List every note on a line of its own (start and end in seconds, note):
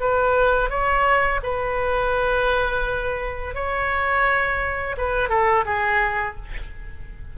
0.00 0.69 B4
0.69 1.40 C#5
1.43 3.54 B4
3.54 4.95 C#5
4.97 5.29 B4
5.29 5.64 A4
5.65 6.36 G#4